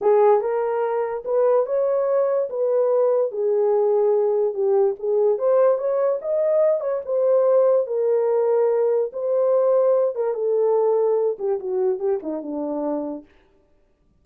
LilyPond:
\new Staff \with { instrumentName = "horn" } { \time 4/4 \tempo 4 = 145 gis'4 ais'2 b'4 | cis''2 b'2 | gis'2. g'4 | gis'4 c''4 cis''4 dis''4~ |
dis''8 cis''8 c''2 ais'4~ | ais'2 c''2~ | c''8 ais'8 a'2~ a'8 g'8 | fis'4 g'8 dis'8 d'2 | }